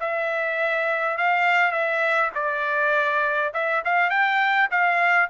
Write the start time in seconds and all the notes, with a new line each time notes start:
0.00 E5
1.18 F5
1.72 E5
2.35 D5
3.54 E5
3.85 F5
4.10 G5
4.71 F5